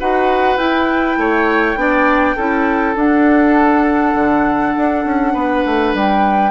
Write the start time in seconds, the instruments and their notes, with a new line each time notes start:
0.00 bassoon D#4, clarinet F#4, oboe B4, flute F#5
0.57 bassoon E4, clarinet E4, flute G5
1.17 bassoon A3, oboe C#5
1.76 bassoon B3, clarinet D4, oboe D5
2.37 bassoon C#4, clarinet E4, oboe A4
2.96 bassoon D4, clarinet D4, flute F#5
4.15 bassoon D3
4.77 bassoon D4
5.05 bassoon C#4
5.34 bassoon B3, oboe B4
5.66 bassoon A3
5.94 bassoon G3, flute G5